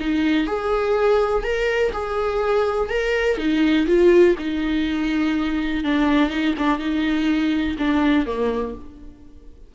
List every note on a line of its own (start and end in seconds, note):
0.00 0.47 D#4
0.47 1.43 G#4
1.43 1.92 A#4
1.92 2.89 G#4
2.89 3.37 A#4
3.37 3.86 D#4
3.86 4.35 F4
4.38 5.84 D#4
5.84 6.30 D4
6.30 6.54 D#4
6.58 6.78 D4
6.78 7.76 D#4
7.78 8.26 D4
8.26 8.74 A#3